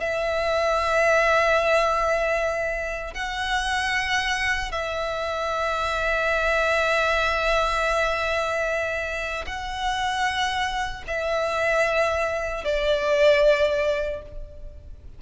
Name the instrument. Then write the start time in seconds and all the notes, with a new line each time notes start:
violin
0.00 E5
3.14 F#5
4.72 E5
9.46 F#5
11.07 E5
12.64 D5